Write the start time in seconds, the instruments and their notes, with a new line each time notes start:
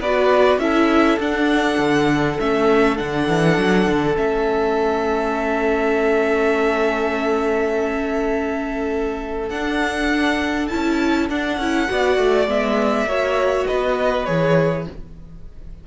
0.00 cello B3, viola F#4, violin B4 D5
0.59 cello C#4, viola E4, violin A4 E5
1.20 cello D4, viola D4, violin F#5
1.79 cello D3
2.40 cello A3, viola C#4, violin E5
2.97 cello D3, viola D4, violin F#5
3.28 cello E3
3.58 cello F#3
3.87 cello D3
4.16 cello A3, viola C#4, violin E5
9.50 cello D4, viola D4, violin F#5
10.68 viola E4, violin A5
10.74 cello C#4
11.29 cello D4, viola D4, violin F#5
11.58 cello C#4, viola E4
11.88 cello B3, viola F#4, violin D5
12.18 cello A3
12.47 cello G#3, viola B3, violin E5
13.06 cello A#3, viola F#4, violin C#5
13.67 cello B3, violin B4 D#5
14.25 cello E3, viola G#4, violin C#5